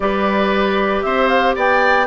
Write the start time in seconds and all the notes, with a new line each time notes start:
0.00 G3 G4 B4 D5
1.02 C4 C5 E5
1.27 F5
1.55 B3 D5 G5